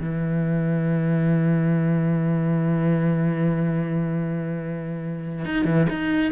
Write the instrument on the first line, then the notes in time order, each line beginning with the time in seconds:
cello
0.00 E3
5.45 D#4
5.65 E3
5.90 D#4